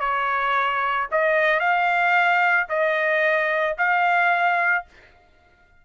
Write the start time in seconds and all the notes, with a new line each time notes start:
0.00 C#5
1.11 D#5
1.60 F5
2.69 D#5
3.78 F5